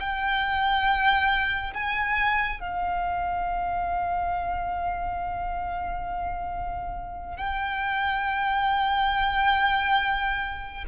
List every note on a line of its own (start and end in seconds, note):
0.00 1.74 G5
1.74 2.60 G#5
2.60 7.38 F5
7.38 10.85 G5